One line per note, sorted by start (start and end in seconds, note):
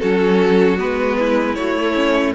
0.00 0.81 F#3
0.00 0.78 C#4
0.00 1.18 F#4
0.00 0.78 A4
0.78 1.57 G#3
0.78 1.56 B3
0.78 1.55 B4
1.19 2.35 E4
1.55 2.35 A3
1.55 1.77 F#4
1.55 2.33 C#5
1.77 1.95 A3
1.95 2.34 C#4